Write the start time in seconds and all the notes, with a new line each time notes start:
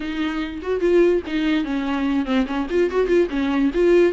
0.00 D#4
0.62 F#4
0.80 F4
1.26 D#4
1.64 C#4
2.25 C4
2.46 C#4
2.70 F4
2.90 F#4
3.07 F4
3.30 C#4
3.74 F4